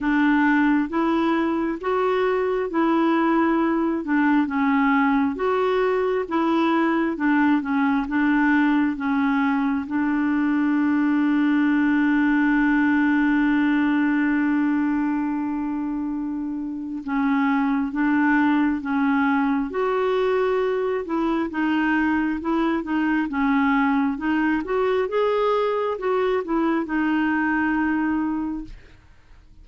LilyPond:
\new Staff \with { instrumentName = "clarinet" } { \time 4/4 \tempo 4 = 67 d'4 e'4 fis'4 e'4~ | e'8 d'8 cis'4 fis'4 e'4 | d'8 cis'8 d'4 cis'4 d'4~ | d'1~ |
d'2. cis'4 | d'4 cis'4 fis'4. e'8 | dis'4 e'8 dis'8 cis'4 dis'8 fis'8 | gis'4 fis'8 e'8 dis'2 | }